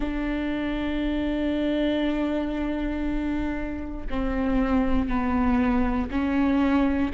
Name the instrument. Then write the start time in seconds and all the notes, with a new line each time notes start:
viola
0.00 D4
4.10 C4
5.08 B3
6.10 C#4